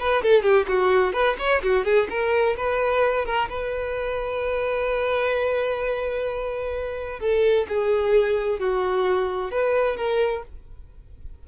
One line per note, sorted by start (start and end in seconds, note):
0.00 0.23 B4
0.23 0.43 A4
0.43 0.66 G4
0.68 1.13 F#4
1.13 1.36 B4
1.39 1.62 C#5
1.63 1.85 F#4
1.85 2.08 G#4
2.10 2.56 A#4
2.57 3.25 B4
3.25 3.49 A#4
3.49 7.20 B4
7.20 7.67 A4
7.69 8.59 G#4
8.59 9.51 F#4
9.51 9.97 B4
9.97 10.43 A#4